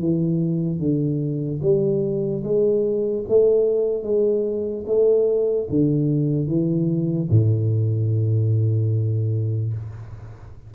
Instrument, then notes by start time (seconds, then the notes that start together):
tuba
0.00 E3
0.80 D3
1.63 G3
2.44 G#3
3.29 A3
4.04 G#3
4.87 A3
5.70 D3
6.48 E3
7.30 A2